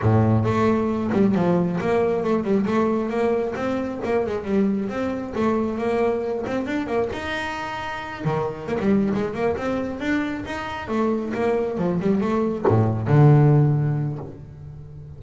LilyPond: \new Staff \with { instrumentName = "double bass" } { \time 4/4 \tempo 4 = 135 a,4 a4. g8 f4 | ais4 a8 g8 a4 ais4 | c'4 ais8 gis8 g4 c'4 | a4 ais4. c'8 d'8 ais8 |
dis'2~ dis'8 dis4 ais16 g16~ | g8 gis8 ais8 c'4 d'4 dis'8~ | dis'8 a4 ais4 f8 g8 a8~ | a8 a,4 d2~ d8 | }